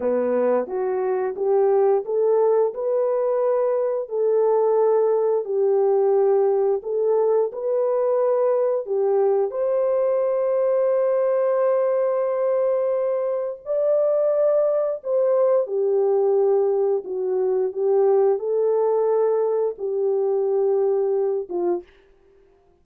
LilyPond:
\new Staff \with { instrumentName = "horn" } { \time 4/4 \tempo 4 = 88 b4 fis'4 g'4 a'4 | b'2 a'2 | g'2 a'4 b'4~ | b'4 g'4 c''2~ |
c''1 | d''2 c''4 g'4~ | g'4 fis'4 g'4 a'4~ | a'4 g'2~ g'8 f'8 | }